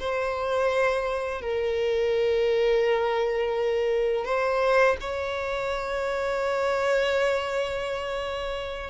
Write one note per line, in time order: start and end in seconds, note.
0.00 1.42 C5
1.42 4.25 A#4
4.25 4.97 C5
5.01 8.90 C#5